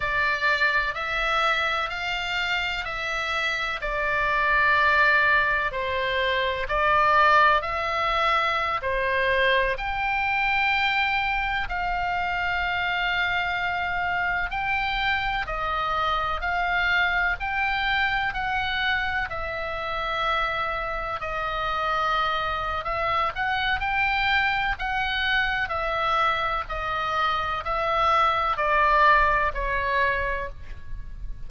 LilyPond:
\new Staff \with { instrumentName = "oboe" } { \time 4/4 \tempo 4 = 63 d''4 e''4 f''4 e''4 | d''2 c''4 d''4 | e''4~ e''16 c''4 g''4.~ g''16~ | g''16 f''2. g''8.~ |
g''16 dis''4 f''4 g''4 fis''8.~ | fis''16 e''2 dis''4.~ dis''16 | e''8 fis''8 g''4 fis''4 e''4 | dis''4 e''4 d''4 cis''4 | }